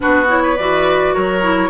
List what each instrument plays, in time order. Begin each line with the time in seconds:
0.00 bassoon B3, clarinet D4, oboe F#4, flute B4
0.28 clarinet E4, flute C#5
0.42 oboe B4
0.56 bassoon E3, clarinet F#4, flute D5
1.14 bassoon F#3, oboe A#4, flute C#5
1.41 clarinet E4